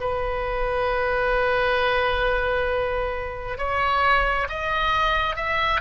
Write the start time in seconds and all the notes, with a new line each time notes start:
0.00 B4
3.57 C#5
4.49 D#5
5.35 E5